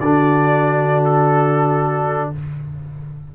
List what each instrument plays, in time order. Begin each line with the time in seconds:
0.00 tuba D3, trombone D4, horn F#4, trumpet D5
1.05 trumpet A4